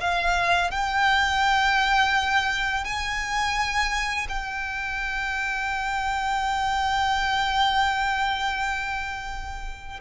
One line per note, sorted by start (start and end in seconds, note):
0.00 0.70 F5
0.70 2.84 G5
2.84 4.27 G#5
4.28 10.00 G5